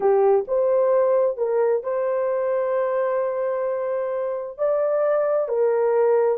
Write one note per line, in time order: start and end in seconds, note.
0.00 0.45 G4
0.47 1.37 C5
1.37 1.83 A#4
1.83 4.58 C5
4.58 5.48 D5
5.48 6.38 A#4